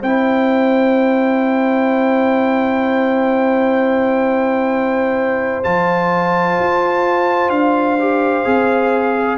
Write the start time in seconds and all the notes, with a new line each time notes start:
0.00 C4 E4 C5 G5
5.63 F3 F4 A5
6.59 F4
7.49 D4 F5
7.99 G4
8.45 C4 G#4